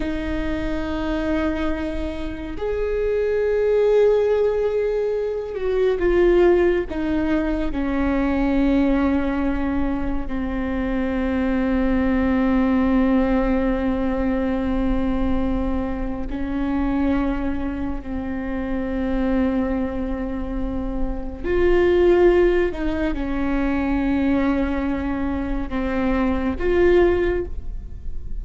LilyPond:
\new Staff \with { instrumentName = "viola" } { \time 4/4 \tempo 4 = 70 dis'2. gis'4~ | gis'2~ gis'8 fis'8 f'4 | dis'4 cis'2. | c'1~ |
c'2. cis'4~ | cis'4 c'2.~ | c'4 f'4. dis'8 cis'4~ | cis'2 c'4 f'4 | }